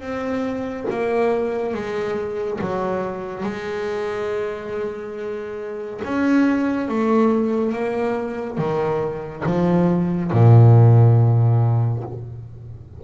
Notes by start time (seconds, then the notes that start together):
0.00 C4
0.90 A#3
1.73 G#3
2.61 F#3
3.43 G#3
6.04 C#4
6.88 A3
7.72 A#3
8.57 D#3
9.46 F3
10.32 A#2